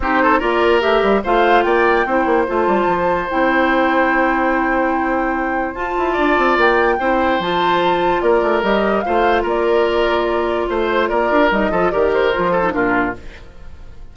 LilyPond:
<<
  \new Staff \with { instrumentName = "flute" } { \time 4/4 \tempo 4 = 146 c''4 d''4 e''4 f''4 | g''2 a''2 | g''1~ | g''2 a''2 |
g''2 a''2 | d''4 dis''4 f''4 d''4~ | d''2 c''4 d''4 | dis''4 d''8 c''4. ais'4 | }
  \new Staff \with { instrumentName = "oboe" } { \time 4/4 g'8 a'8 ais'2 c''4 | d''4 c''2.~ | c''1~ | c''2. d''4~ |
d''4 c''2. | ais'2 c''4 ais'4~ | ais'2 c''4 ais'4~ | ais'8 a'8 ais'4. a'8 f'4 | }
  \new Staff \with { instrumentName = "clarinet" } { \time 4/4 dis'4 f'4 g'4 f'4~ | f'4 e'4 f'2 | e'1~ | e'2 f'2~ |
f'4 e'4 f'2~ | f'4 g'4 f'2~ | f'1 | dis'8 f'8 g'4 f'8. dis'16 d'4 | }
  \new Staff \with { instrumentName = "bassoon" } { \time 4/4 c'4 ais4 a8 g8 a4 | ais4 c'8 ais8 a8 g8 f4 | c'1~ | c'2 f'8 e'8 d'8 c'8 |
ais4 c'4 f2 | ais8 a8 g4 a4 ais4~ | ais2 a4 ais8 d'8 | g8 f8 dis4 f4 ais,4 | }
>>